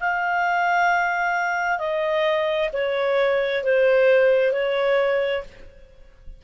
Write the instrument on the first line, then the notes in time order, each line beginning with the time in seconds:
clarinet
0.00 F5
1.78 D#5
2.73 C#5
3.64 C5
4.52 C#5